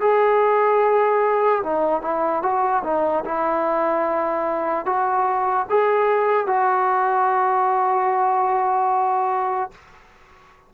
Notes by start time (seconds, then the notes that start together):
0.00 G#4
1.63 D#4
2.01 E4
2.42 F#4
2.83 D#4
3.24 E4
4.85 F#4
5.69 G#4
6.46 F#4